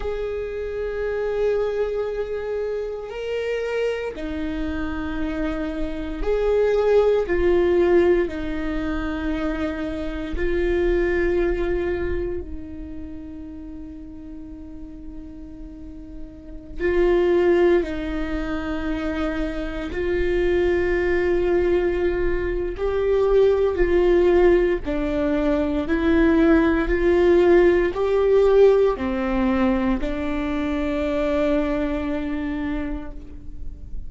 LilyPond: \new Staff \with { instrumentName = "viola" } { \time 4/4 \tempo 4 = 58 gis'2. ais'4 | dis'2 gis'4 f'4 | dis'2 f'2 | dis'1~ |
dis'16 f'4 dis'2 f'8.~ | f'2 g'4 f'4 | d'4 e'4 f'4 g'4 | c'4 d'2. | }